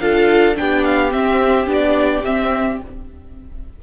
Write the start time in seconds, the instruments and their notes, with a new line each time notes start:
0.00 cello D4, viola F4, violin A4 F5
0.54 cello B3, viola D4, violin G4 G5
0.84 violin F5
1.12 viola C4, cello C4, violin E5
1.67 cello B3, viola D4
1.73 violin D5
2.24 viola C4, cello C4, violin E5